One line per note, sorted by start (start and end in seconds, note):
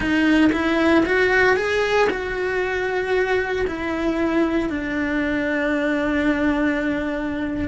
0.00 0.50 D#4
0.52 1.04 E4
1.05 1.56 F#4
1.56 2.08 G#4
2.09 3.66 F#4
3.67 4.69 E4
4.69 7.68 D4